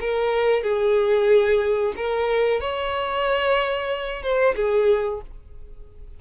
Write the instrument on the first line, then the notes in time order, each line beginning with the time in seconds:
violin
0.00 A#4
0.63 G#4
1.96 A#4
2.60 C#5
4.22 C5
4.56 G#4